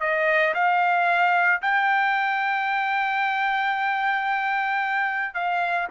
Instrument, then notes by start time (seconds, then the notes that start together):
trumpet
0.00 D#5
0.54 F5
1.62 G5
5.34 F5